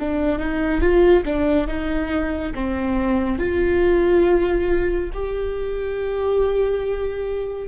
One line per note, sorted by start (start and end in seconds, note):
0.00 0.39 D4
0.39 0.82 D#4
0.82 1.25 F4
1.25 1.68 D4
1.68 2.53 D#4
2.55 3.39 C4
3.39 5.11 F4
5.14 7.68 G4